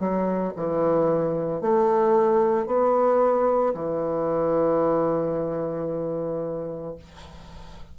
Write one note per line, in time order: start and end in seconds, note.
0.00 0.54 F#3
0.56 1.62 E3
1.62 2.67 A3
2.67 3.74 B3
3.75 6.96 E3